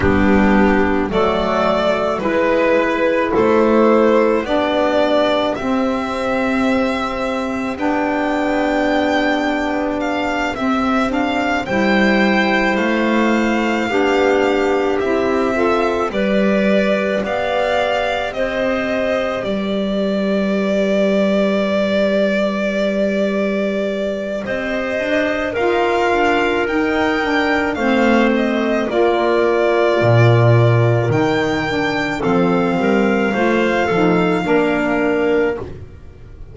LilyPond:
<<
  \new Staff \with { instrumentName = "violin" } { \time 4/4 \tempo 4 = 54 g'4 d''4 b'4 c''4 | d''4 e''2 g''4~ | g''4 f''8 e''8 f''8 g''4 f''8~ | f''4. e''4 d''4 f''8~ |
f''8 dis''4 d''2~ d''8~ | d''2 dis''4 f''4 | g''4 f''8 dis''8 d''2 | g''4 f''2. | }
  \new Staff \with { instrumentName = "clarinet" } { \time 4/4 d'4 a'4 b'4 a'4 | g'1~ | g'2~ g'8 c''4.~ | c''8 g'4. a'8 b'4 d''8~ |
d''8 c''4 b'2~ b'8~ | b'2 c''4 ais'4~ | ais'4 c''4 ais'2~ | ais'4 a'8 ais'8 c''8 a'8 ais'4 | }
  \new Staff \with { instrumentName = "saxophone" } { \time 4/4 b4 a4 e'2 | d'4 c'2 d'4~ | d'4. c'8 d'8 e'4.~ | e'8 d'4 e'8 f'8 g'4.~ |
g'1~ | g'2. f'4 | dis'8 d'8 c'4 f'2 | dis'8 d'8 c'4 f'8 dis'8 d'4 | }
  \new Staff \with { instrumentName = "double bass" } { \time 4/4 g4 fis4 gis4 a4 | b4 c'2 b4~ | b4. c'4 g4 a8~ | a8 b4 c'4 g4 b8~ |
b8 c'4 g2~ g8~ | g2 c'8 d'8 dis'8 d'8 | dis'4 a4 ais4 ais,4 | dis4 f8 g8 a8 f8 ais4 | }
>>